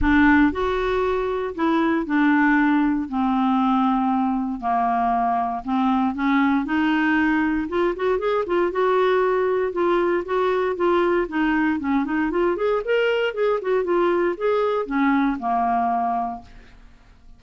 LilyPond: \new Staff \with { instrumentName = "clarinet" } { \time 4/4 \tempo 4 = 117 d'4 fis'2 e'4 | d'2 c'2~ | c'4 ais2 c'4 | cis'4 dis'2 f'8 fis'8 |
gis'8 f'8 fis'2 f'4 | fis'4 f'4 dis'4 cis'8 dis'8 | f'8 gis'8 ais'4 gis'8 fis'8 f'4 | gis'4 cis'4 ais2 | }